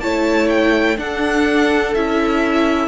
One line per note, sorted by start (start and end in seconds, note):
0.00 0.98 A3
0.00 0.97 E4
0.00 1.00 C#5
0.00 0.48 A5
0.49 0.98 G5
0.97 1.94 D4
0.97 1.95 D4
0.97 2.88 A4
0.97 1.94 F#5
1.94 2.88 C#4
1.94 2.88 E4
1.94 2.88 E5